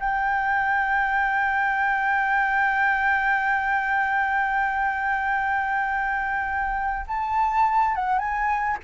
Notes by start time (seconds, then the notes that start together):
0.00 G5
7.07 A5
7.95 F#5
8.19 G#5